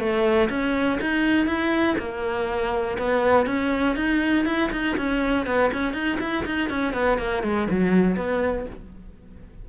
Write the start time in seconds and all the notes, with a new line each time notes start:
0.00 A3
0.50 C#4
1.01 D#4
1.47 E4
1.99 A#3
2.99 B3
3.47 C#4
3.96 D#4
4.46 E4
4.72 D#4
4.97 C#4
5.47 B3
5.73 C#4
5.94 D#4
6.21 E4
6.46 D#4
6.70 C#4
6.94 B3
7.19 A#3
7.44 G#3
7.71 F#3
8.17 B3